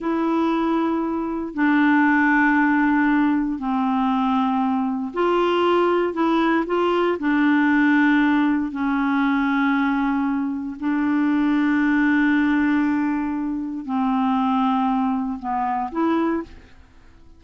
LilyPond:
\new Staff \with { instrumentName = "clarinet" } { \time 4/4 \tempo 4 = 117 e'2. d'4~ | d'2. c'4~ | c'2 f'2 | e'4 f'4 d'2~ |
d'4 cis'2.~ | cis'4 d'2.~ | d'2. c'4~ | c'2 b4 e'4 | }